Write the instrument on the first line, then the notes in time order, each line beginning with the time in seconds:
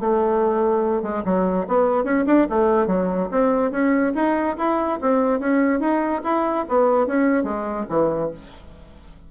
bassoon
0.00 A3
1.03 G#3
1.25 F#3
1.67 B3
2.04 C#4
2.27 D4
2.50 A3
2.87 F#3
3.31 C4
3.71 C#4
4.15 D#4
4.58 E4
5.01 C4
5.40 C#4
5.80 D#4
6.24 E4
6.68 B3
7.07 C#4
7.44 G#3
7.89 E3